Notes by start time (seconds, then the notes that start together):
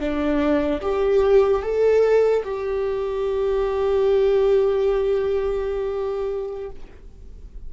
0.00 D4
0.81 G4
1.62 A4
2.44 G4